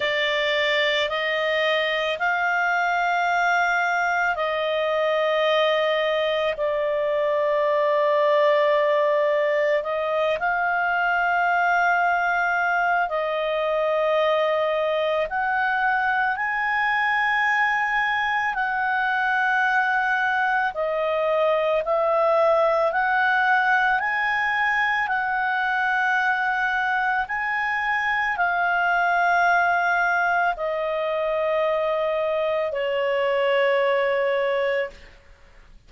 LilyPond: \new Staff \with { instrumentName = "clarinet" } { \time 4/4 \tempo 4 = 55 d''4 dis''4 f''2 | dis''2 d''2~ | d''4 dis''8 f''2~ f''8 | dis''2 fis''4 gis''4~ |
gis''4 fis''2 dis''4 | e''4 fis''4 gis''4 fis''4~ | fis''4 gis''4 f''2 | dis''2 cis''2 | }